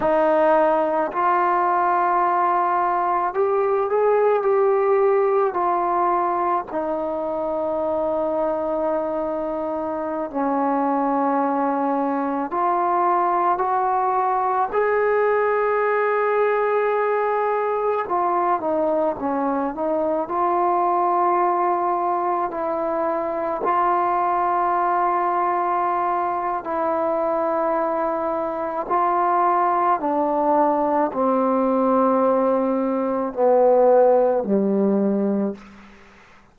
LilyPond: \new Staff \with { instrumentName = "trombone" } { \time 4/4 \tempo 4 = 54 dis'4 f'2 g'8 gis'8 | g'4 f'4 dis'2~ | dis'4~ dis'16 cis'2 f'8.~ | f'16 fis'4 gis'2~ gis'8.~ |
gis'16 f'8 dis'8 cis'8 dis'8 f'4.~ f'16~ | f'16 e'4 f'2~ f'8. | e'2 f'4 d'4 | c'2 b4 g4 | }